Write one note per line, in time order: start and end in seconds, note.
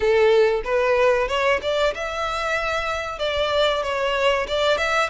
0.00 0.62 A4
0.64 1.28 B4
1.28 1.60 C#5
1.62 1.94 D5
1.94 3.19 E5
3.19 3.82 D5
3.82 4.46 C#5
4.47 4.77 D5
4.77 5.09 E5